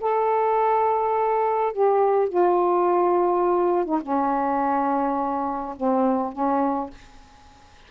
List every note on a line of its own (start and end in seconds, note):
0.00 1.72 A4
1.72 2.28 G4
2.28 3.85 F4
3.85 3.99 D#4
4.02 5.75 C#4
5.76 6.32 C4
6.32 6.90 C#4